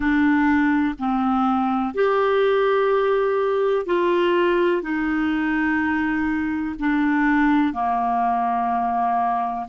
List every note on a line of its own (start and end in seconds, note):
0.00 0.95 D4
0.99 1.94 C4
1.94 3.85 G4
3.85 4.82 F4
4.82 6.75 D#4
6.79 7.73 D4
7.73 9.66 A#3